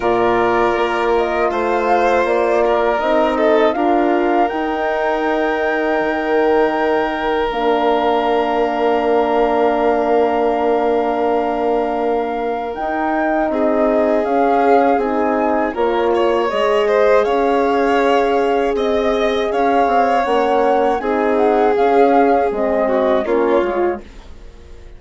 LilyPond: <<
  \new Staff \with { instrumentName = "flute" } { \time 4/4 \tempo 4 = 80 d''4. dis''8 f''4 d''4 | dis''4 f''4 g''2~ | g''2 f''2~ | f''1~ |
f''4 g''4 dis''4 f''4 | gis''4 cis''4 dis''4 f''4~ | f''4 dis''4 f''4 fis''4 | gis''8 fis''8 f''4 dis''4 cis''4 | }
  \new Staff \with { instrumentName = "violin" } { \time 4/4 ais'2 c''4. ais'8~ | ais'8 a'8 ais'2.~ | ais'1~ | ais'1~ |
ais'2 gis'2~ | gis'4 ais'8 cis''4 c''8 cis''4~ | cis''4 dis''4 cis''2 | gis'2~ gis'8 fis'8 f'4 | }
  \new Staff \with { instrumentName = "horn" } { \time 4/4 f'1 | dis'4 f'4 dis'2~ | dis'2 d'2~ | d'1~ |
d'4 dis'2 cis'4 | dis'4 f'4 gis'2~ | gis'2. cis'4 | dis'4 cis'4 c'4 cis'8 f'8 | }
  \new Staff \with { instrumentName = "bassoon" } { \time 4/4 ais,4 ais4 a4 ais4 | c'4 d'4 dis'2 | dis2 ais2~ | ais1~ |
ais4 dis'4 c'4 cis'4 | c'4 ais4 gis4 cis'4~ | cis'4 c'4 cis'8 c'8 ais4 | c'4 cis'4 gis4 ais8 gis8 | }
>>